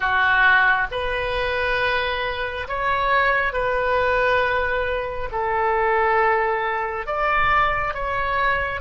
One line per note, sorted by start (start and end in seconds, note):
0.00 0.87 F#4
0.91 2.67 B4
2.68 3.53 C#5
3.53 5.29 B4
5.31 7.06 A4
7.06 7.94 D5
7.94 8.80 C#5